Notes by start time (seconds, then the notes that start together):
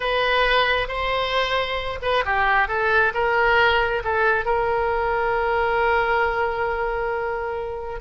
0.00 B4
0.88 C5
2.01 B4
2.25 G4
2.68 A4
3.13 A#4
4.03 A4
4.45 A#4